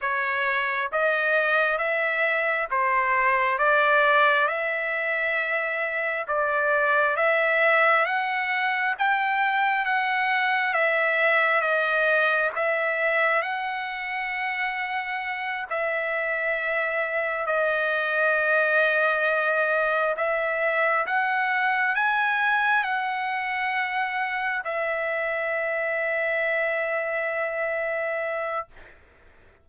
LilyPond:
\new Staff \with { instrumentName = "trumpet" } { \time 4/4 \tempo 4 = 67 cis''4 dis''4 e''4 c''4 | d''4 e''2 d''4 | e''4 fis''4 g''4 fis''4 | e''4 dis''4 e''4 fis''4~ |
fis''4. e''2 dis''8~ | dis''2~ dis''8 e''4 fis''8~ | fis''8 gis''4 fis''2 e''8~ | e''1 | }